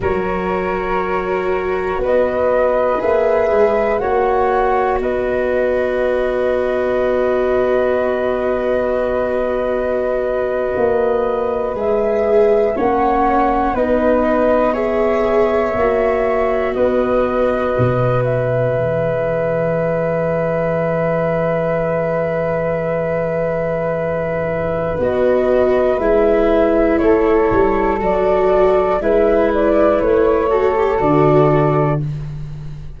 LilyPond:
<<
  \new Staff \with { instrumentName = "flute" } { \time 4/4 \tempo 4 = 60 cis''2 dis''4 e''4 | fis''4 dis''2.~ | dis''2.~ dis''8. e''16~ | e''8. fis''4 dis''4 e''4~ e''16~ |
e''8. dis''4. e''4.~ e''16~ | e''1~ | e''4 dis''4 e''4 cis''4 | d''4 e''8 d''8 cis''4 d''4 | }
  \new Staff \with { instrumentName = "flute" } { \time 4/4 ais'2 b'2 | cis''4 b'2.~ | b'1~ | b'8. cis''4 b'4 cis''4~ cis''16~ |
cis''8. b'2.~ b'16~ | b'1~ | b'2. a'4~ | a'4 b'4. a'4. | }
  \new Staff \with { instrumentName = "viola" } { \time 4/4 fis'2. gis'4 | fis'1~ | fis'2.~ fis'8. gis'16~ | gis'8. cis'4 dis'4 gis'4 fis'16~ |
fis'2~ fis'8. gis'4~ gis'16~ | gis'1~ | gis'4 fis'4 e'2 | fis'4 e'4. fis'16 g'16 fis'4 | }
  \new Staff \with { instrumentName = "tuba" } { \time 4/4 fis2 b4 ais8 gis8 | ais4 b2.~ | b2~ b8. ais4 gis16~ | gis8. ais4 b2 ais16~ |
ais8. b4 b,4 e4~ e16~ | e1~ | e4 b4 gis4 a8 g8 | fis4 gis4 a4 d4 | }
>>